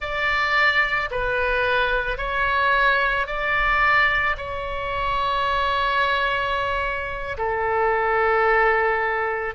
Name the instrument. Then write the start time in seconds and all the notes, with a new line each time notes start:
oboe
0.00 D5
1.10 B4
2.17 C#5
3.27 D5
4.37 C#5
7.37 A4